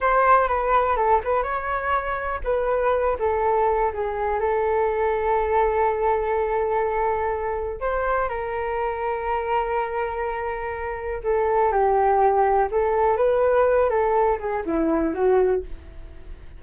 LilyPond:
\new Staff \with { instrumentName = "flute" } { \time 4/4 \tempo 4 = 123 c''4 b'4 a'8 b'8 cis''4~ | cis''4 b'4. a'4. | gis'4 a'2.~ | a'1 |
c''4 ais'2.~ | ais'2. a'4 | g'2 a'4 b'4~ | b'8 a'4 gis'8 e'4 fis'4 | }